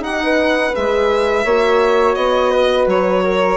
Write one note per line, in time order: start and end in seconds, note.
0.00 0.71 D#4
0.00 0.73 D#4
0.00 0.22 G4
0.00 0.75 F#5
0.24 1.45 B4
0.74 1.45 G#3
0.74 1.45 G#4
0.74 2.15 E5
1.45 2.16 A#3
1.45 3.57 F#4
1.45 2.51 C#5
2.15 2.87 B3
2.15 2.86 D#5
2.51 3.23 B4
2.87 3.57 F#3
2.87 3.57 C#5
3.24 3.57 A#4